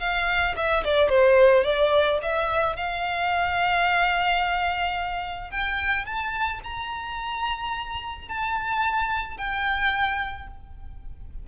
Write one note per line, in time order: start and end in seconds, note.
0.00 0.55 F5
0.56 0.84 E5
0.84 1.09 D5
1.09 1.64 C5
1.64 2.19 D5
2.22 2.76 E5
2.76 5.51 F5
5.51 6.05 G5
6.05 6.60 A5
6.64 8.28 A#5
8.28 9.38 A5
9.38 10.48 G5